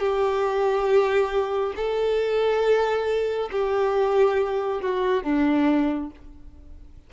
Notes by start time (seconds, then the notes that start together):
0.00 G4
1.76 A4
3.52 G4
4.82 F#4
5.24 D4